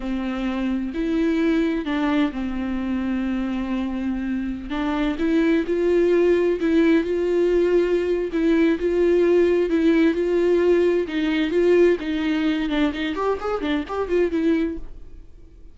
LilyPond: \new Staff \with { instrumentName = "viola" } { \time 4/4 \tempo 4 = 130 c'2 e'2 | d'4 c'2.~ | c'2~ c'16 d'4 e'8.~ | e'16 f'2 e'4 f'8.~ |
f'2 e'4 f'4~ | f'4 e'4 f'2 | dis'4 f'4 dis'4. d'8 | dis'8 g'8 gis'8 d'8 g'8 f'8 e'4 | }